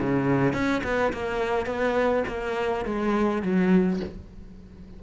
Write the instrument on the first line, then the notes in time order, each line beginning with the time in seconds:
cello
0.00 C#3
0.53 C#4
0.84 B3
1.13 A#3
1.66 B3
2.28 A#3
2.86 G#3
3.43 F#3